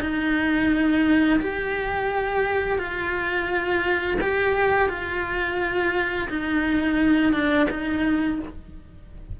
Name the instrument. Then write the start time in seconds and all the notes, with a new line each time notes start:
cello
0.00 D#4
1.40 G4
2.78 F4
4.21 G4
4.89 F4
6.29 D#4
7.33 D4
7.70 D#4